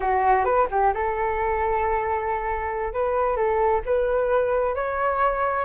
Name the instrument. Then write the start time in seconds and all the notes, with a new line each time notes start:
flute
0.00 F#4
0.44 B4
0.70 G4
0.94 A4
2.93 B4
3.36 A4
3.85 B4
4.75 C#5